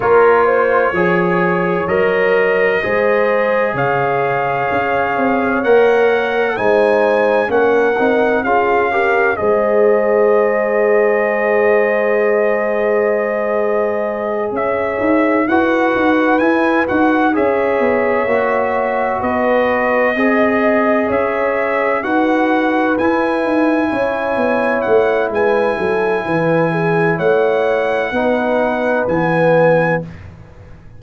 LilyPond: <<
  \new Staff \with { instrumentName = "trumpet" } { \time 4/4 \tempo 4 = 64 cis''2 dis''2 | f''2 fis''4 gis''4 | fis''4 f''4 dis''2~ | dis''2.~ dis''8 e''8~ |
e''8 fis''4 gis''8 fis''8 e''4.~ | e''8 dis''2 e''4 fis''8~ | fis''8 gis''2 fis''8 gis''4~ | gis''4 fis''2 gis''4 | }
  \new Staff \with { instrumentName = "horn" } { \time 4/4 ais'8 c''8 cis''2 c''4 | cis''2. c''4 | ais'4 gis'8 ais'8 c''2~ | c''2.~ c''8 cis''8~ |
cis''8 b'2 cis''4.~ | cis''8 b'4 dis''4 cis''4 b'8~ | b'4. cis''4. b'8 a'8 | b'8 gis'8 cis''4 b'2 | }
  \new Staff \with { instrumentName = "trombone" } { \time 4/4 f'4 gis'4 ais'4 gis'4~ | gis'2 ais'4 dis'4 | cis'8 dis'8 f'8 g'8 gis'2~ | gis'1~ |
gis'8 fis'4 e'8 fis'8 gis'4 fis'8~ | fis'4. gis'2 fis'8~ | fis'8 e'2.~ e'8~ | e'2 dis'4 b4 | }
  \new Staff \with { instrumentName = "tuba" } { \time 4/4 ais4 f4 fis4 gis4 | cis4 cis'8 c'8 ais4 gis4 | ais8 c'8 cis'4 gis2~ | gis2.~ gis8 cis'8 |
dis'8 e'8 dis'8 e'8 dis'8 cis'8 b8 ais8~ | ais8 b4 c'4 cis'4 dis'8~ | dis'8 e'8 dis'8 cis'8 b8 a8 gis8 fis8 | e4 a4 b4 e4 | }
>>